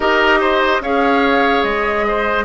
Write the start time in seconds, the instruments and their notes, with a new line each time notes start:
0.00 bassoon D#4, clarinet G4, oboe A#4, flute D#5
0.41 oboe C5
0.80 bassoon C#4, clarinet G#4, oboe C#5, flute F5
1.63 bassoon G#3, flute D#5
2.07 oboe C5